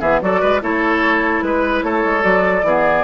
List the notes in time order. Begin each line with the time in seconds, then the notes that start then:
0.00 E3 B3 G#4 E5
0.22 F#3 F#4 A4 D5
0.41 G#3 B4
0.61 A3 E4 A4 C#5
1.42 G#3 B4
1.83 A3 A4 C#5
2.05 G#3
2.21 F#3 F#4 D5
2.63 E3 B3 G#4